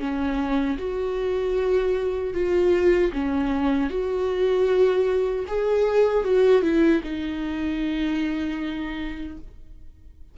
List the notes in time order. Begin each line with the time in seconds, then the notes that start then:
0.00 C#4
0.79 F#4
2.34 F4
3.13 C#4
3.90 F#4
5.48 G#4
6.24 F#4
6.63 E4
7.04 D#4